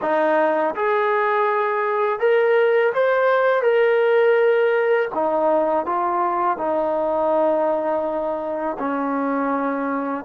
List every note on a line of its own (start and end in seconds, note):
0.01 0.74 D#4
0.75 2.19 G#4
2.19 2.92 A#4
2.93 3.62 C5
3.62 5.08 A#4
5.14 5.85 D#4
5.85 6.57 F4
6.57 8.77 D#4
8.78 10.24 C#4